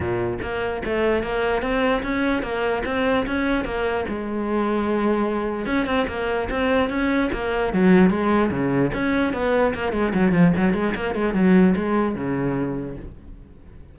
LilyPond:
\new Staff \with { instrumentName = "cello" } { \time 4/4 \tempo 4 = 148 ais,4 ais4 a4 ais4 | c'4 cis'4 ais4 c'4 | cis'4 ais4 gis2~ | gis2 cis'8 c'8 ais4 |
c'4 cis'4 ais4 fis4 | gis4 cis4 cis'4 b4 | ais8 gis8 fis8 f8 fis8 gis8 ais8 gis8 | fis4 gis4 cis2 | }